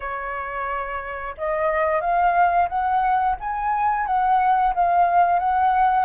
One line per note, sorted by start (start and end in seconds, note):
0.00 1.35 C#5
1.37 2.00 D#5
2.00 2.68 F5
2.68 3.36 F#5
3.40 4.06 G#5
4.06 4.73 F#5
4.74 5.39 F5
5.39 6.05 F#5